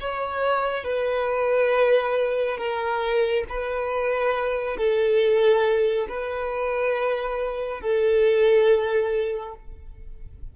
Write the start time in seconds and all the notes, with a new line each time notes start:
0.00 C#5
0.83 B4
2.57 A#4
3.49 B4
4.77 A4
6.08 B4
7.81 A4